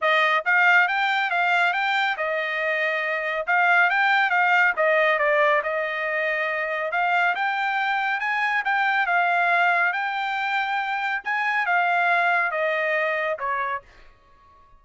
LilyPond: \new Staff \with { instrumentName = "trumpet" } { \time 4/4 \tempo 4 = 139 dis''4 f''4 g''4 f''4 | g''4 dis''2. | f''4 g''4 f''4 dis''4 | d''4 dis''2. |
f''4 g''2 gis''4 | g''4 f''2 g''4~ | g''2 gis''4 f''4~ | f''4 dis''2 cis''4 | }